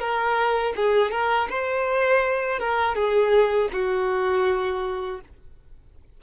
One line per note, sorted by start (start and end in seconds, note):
0.00 0.74 A#4
0.76 1.11 G#4
1.11 1.48 A#4
1.50 2.60 C5
2.60 2.96 A#4
2.96 3.70 G#4
3.73 5.21 F#4